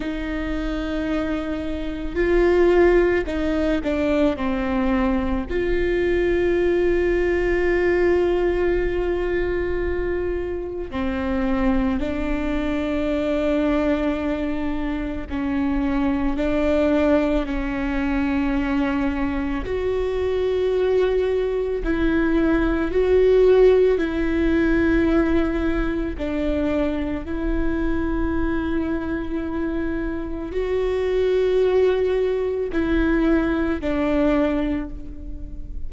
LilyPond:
\new Staff \with { instrumentName = "viola" } { \time 4/4 \tempo 4 = 55 dis'2 f'4 dis'8 d'8 | c'4 f'2.~ | f'2 c'4 d'4~ | d'2 cis'4 d'4 |
cis'2 fis'2 | e'4 fis'4 e'2 | d'4 e'2. | fis'2 e'4 d'4 | }